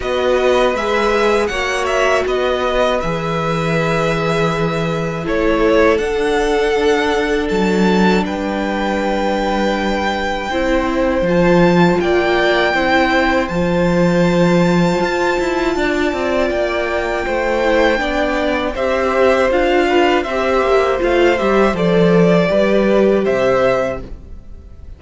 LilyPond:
<<
  \new Staff \with { instrumentName = "violin" } { \time 4/4 \tempo 4 = 80 dis''4 e''4 fis''8 e''8 dis''4 | e''2. cis''4 | fis''2 a''4 g''4~ | g''2. a''4 |
g''2 a''2~ | a''2 g''2~ | g''4 e''4 f''4 e''4 | f''8 e''8 d''2 e''4 | }
  \new Staff \with { instrumentName = "violin" } { \time 4/4 b'2 cis''4 b'4~ | b'2. a'4~ | a'2. b'4~ | b'2 c''2 |
d''4 c''2.~ | c''4 d''2 c''4 | d''4 c''4. b'8 c''4~ | c''2 b'4 c''4 | }
  \new Staff \with { instrumentName = "viola" } { \time 4/4 fis'4 gis'4 fis'2 | gis'2. e'4 | d'1~ | d'2 e'4 f'4~ |
f'4 e'4 f'2~ | f'2.~ f'8 e'8 | d'4 g'4 f'4 g'4 | f'8 g'8 a'4 g'2 | }
  \new Staff \with { instrumentName = "cello" } { \time 4/4 b4 gis4 ais4 b4 | e2. a4 | d'2 fis4 g4~ | g2 c'4 f4 |
ais4 c'4 f2 | f'8 e'8 d'8 c'8 ais4 a4 | b4 c'4 d'4 c'8 ais8 | a8 g8 f4 g4 c4 | }
>>